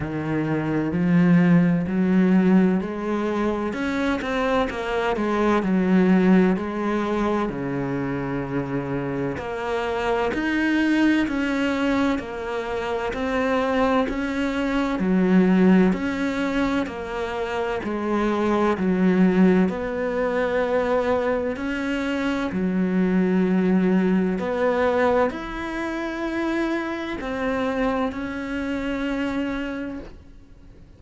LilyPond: \new Staff \with { instrumentName = "cello" } { \time 4/4 \tempo 4 = 64 dis4 f4 fis4 gis4 | cis'8 c'8 ais8 gis8 fis4 gis4 | cis2 ais4 dis'4 | cis'4 ais4 c'4 cis'4 |
fis4 cis'4 ais4 gis4 | fis4 b2 cis'4 | fis2 b4 e'4~ | e'4 c'4 cis'2 | }